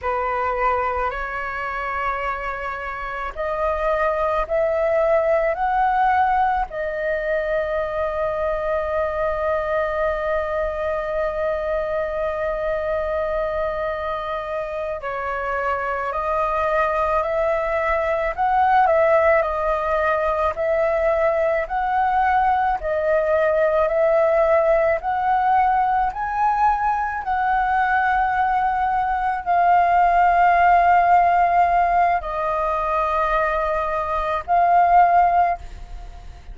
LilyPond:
\new Staff \with { instrumentName = "flute" } { \time 4/4 \tempo 4 = 54 b'4 cis''2 dis''4 | e''4 fis''4 dis''2~ | dis''1~ | dis''4. cis''4 dis''4 e''8~ |
e''8 fis''8 e''8 dis''4 e''4 fis''8~ | fis''8 dis''4 e''4 fis''4 gis''8~ | gis''8 fis''2 f''4.~ | f''4 dis''2 f''4 | }